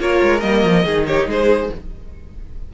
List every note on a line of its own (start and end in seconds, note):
0.00 0.21 A#3
0.00 0.42 F4
0.00 0.86 A#4
0.00 0.41 C#5
0.23 0.44 G#3
0.41 0.65 G3
0.41 0.84 A#3
0.41 1.05 D#5
0.65 0.85 F3
0.85 1.27 D#3
0.85 1.71 D#4
0.85 1.07 G#4
1.07 1.29 G4
1.07 1.28 C#5
1.27 1.70 G#3
1.27 1.73 G#4
1.27 1.75 C5